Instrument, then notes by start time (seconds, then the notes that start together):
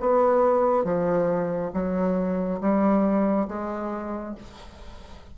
bassoon
0.00 B3
0.84 F3
1.73 F#3
2.60 G3
3.47 G#3